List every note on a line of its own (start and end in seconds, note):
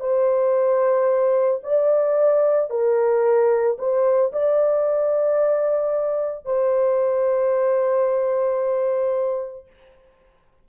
0.00 1.61 C5
1.63 2.70 D5
2.70 3.77 A#4
3.78 4.32 C5
4.32 6.45 D5
6.45 9.67 C5